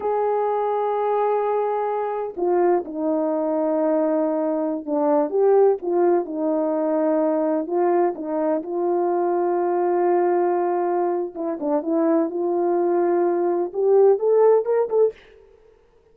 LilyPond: \new Staff \with { instrumentName = "horn" } { \time 4/4 \tempo 4 = 127 gis'1~ | gis'4 f'4 dis'2~ | dis'2~ dis'16 d'4 g'8.~ | g'16 f'4 dis'2~ dis'8.~ |
dis'16 f'4 dis'4 f'4.~ f'16~ | f'1 | e'8 d'8 e'4 f'2~ | f'4 g'4 a'4 ais'8 a'8 | }